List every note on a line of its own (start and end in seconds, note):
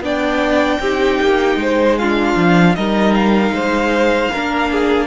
0.00 0.78 B3
0.00 0.81 D4
0.00 0.81 D5
0.00 1.97 G5
0.79 1.18 C4
0.79 2.00 D#4
0.79 1.59 G4
1.21 1.55 A#3
1.55 2.33 G#3
1.55 1.99 C5
1.97 2.76 D4
1.97 2.76 F4
1.97 2.75 F5
2.36 2.75 F3
2.75 3.50 G3
2.75 4.32 D#4
2.75 3.54 A#4
2.75 3.13 D#5
3.13 5.06 F5
3.50 4.28 G#3
3.50 4.31 C5
4.31 5.06 A#3
4.31 5.06 D4
4.31 4.70 A#4
4.71 5.06 G#4